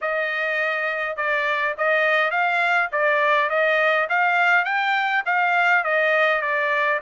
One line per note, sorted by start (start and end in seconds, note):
0.01 1.16 D#5
1.16 1.74 D5
1.77 2.31 D#5
2.31 2.89 F5
2.92 3.49 D5
3.49 4.07 D#5
4.09 4.64 F5
4.64 5.23 G5
5.25 5.84 F5
5.84 6.41 D#5
6.41 7.00 D5